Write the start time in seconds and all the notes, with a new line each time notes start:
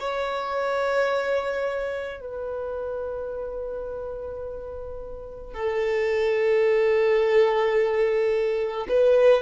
0.00 C#5
2.21 B4
5.54 A4
8.89 B4